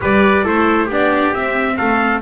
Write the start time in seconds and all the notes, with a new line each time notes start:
0.00 G3 G4 B4 D5
0.44 A3 E4 A4 C5
0.85 B3 D4 G4
0.92 D5
1.33 C4 E5
1.76 A3 A4 F5